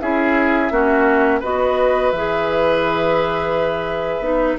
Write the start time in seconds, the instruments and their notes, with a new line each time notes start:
0.00 bassoon C#4, clarinet E4, oboe G#4, flute E5
0.71 bassoon A#3, clarinet C#4, oboe F#4
1.40 bassoon B3, clarinet F#4, oboe B4, flute D#5
2.11 bassoon E3, clarinet G#4, flute E5
4.19 bassoon B3, clarinet D#4